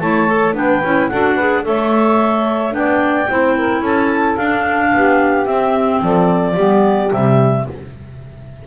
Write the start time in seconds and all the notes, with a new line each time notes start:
0.00 A3 E4 C#5 A5
0.28 A4
0.54 B3 D4 B4 G5
0.84 C#4 E4
1.09 D4 F#4 A4 F#5
1.34 G#4 B4
1.64 A3 A4 C#5 E5
2.71 B3 D4 G5
2.77 D5
3.29 C4 E4 C5
3.56 A#4
3.81 C#4 A4 A5
4.37 D4 F5
4.93 B3 G4
5.46 C4 E5
6.02 F3 A4 D5
6.53 G3 B3 G4
7.10 C3 G3 E5